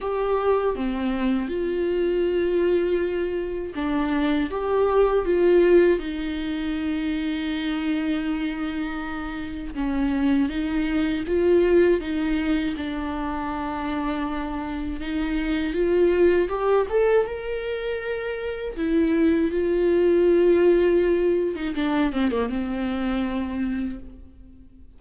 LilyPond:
\new Staff \with { instrumentName = "viola" } { \time 4/4 \tempo 4 = 80 g'4 c'4 f'2~ | f'4 d'4 g'4 f'4 | dis'1~ | dis'4 cis'4 dis'4 f'4 |
dis'4 d'2. | dis'4 f'4 g'8 a'8 ais'4~ | ais'4 e'4 f'2~ | f'8. dis'16 d'8 c'16 ais16 c'2 | }